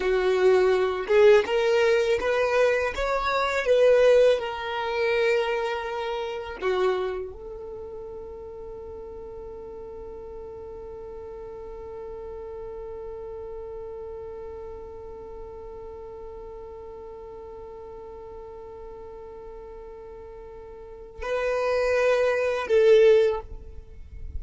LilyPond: \new Staff \with { instrumentName = "violin" } { \time 4/4 \tempo 4 = 82 fis'4. gis'8 ais'4 b'4 | cis''4 b'4 ais'2~ | ais'4 fis'4 a'2~ | a'1~ |
a'1~ | a'1~ | a'1~ | a'4 b'2 a'4 | }